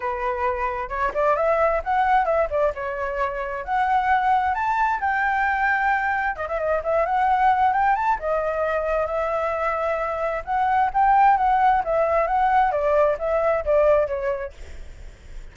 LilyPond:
\new Staff \with { instrumentName = "flute" } { \time 4/4 \tempo 4 = 132 b'2 cis''8 d''8 e''4 | fis''4 e''8 d''8 cis''2 | fis''2 a''4 g''4~ | g''2 dis''16 e''16 dis''8 e''8 fis''8~ |
fis''4 g''8 a''8 dis''2 | e''2. fis''4 | g''4 fis''4 e''4 fis''4 | d''4 e''4 d''4 cis''4 | }